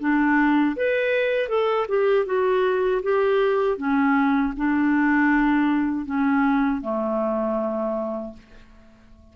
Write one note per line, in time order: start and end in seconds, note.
0.00 0.76 D4
0.77 1.49 B4
1.49 1.87 A4
1.88 2.26 G4
2.26 3.02 F#4
3.03 3.78 G4
3.78 4.54 C#4
4.57 6.06 D4
6.06 6.82 C#4
6.82 8.34 A3